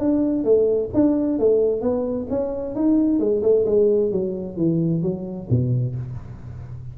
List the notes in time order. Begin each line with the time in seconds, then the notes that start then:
0.00 D4
0.45 A3
0.94 D4
1.39 A3
1.82 B3
2.30 C#4
2.75 D#4
3.20 G#3
3.43 A3
3.66 G#3
4.12 F#3
4.57 E3
5.03 F#3
5.50 B2